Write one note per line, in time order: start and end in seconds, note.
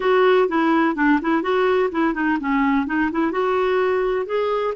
0.00 0.48 F#4
0.48 0.95 E4
0.95 1.19 D4
1.21 1.42 E4
1.42 1.90 F#4
1.91 2.14 E4
2.14 2.37 D#4
2.40 2.86 C#4
2.86 3.10 D#4
3.11 3.31 E4
3.31 4.26 F#4
4.26 4.73 G#4